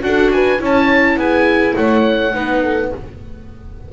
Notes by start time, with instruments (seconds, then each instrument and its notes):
0.00 double bass D4, viola F#4, horn A4, oboe F#5
0.32 horn B4, oboe G#5
0.58 double bass C#4, viola E4, horn C#5
0.65 oboe A5
1.17 double bass B3, horn G#4, oboe G#5
1.76 double bass A3, horn C#5, oboe F#5
2.33 double bass B3, viola D#4, horn B4
2.62 horn A4